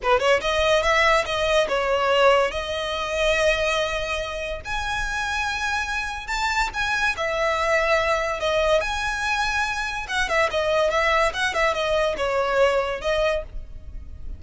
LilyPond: \new Staff \with { instrumentName = "violin" } { \time 4/4 \tempo 4 = 143 b'8 cis''8 dis''4 e''4 dis''4 | cis''2 dis''2~ | dis''2. gis''4~ | gis''2. a''4 |
gis''4 e''2. | dis''4 gis''2. | fis''8 e''8 dis''4 e''4 fis''8 e''8 | dis''4 cis''2 dis''4 | }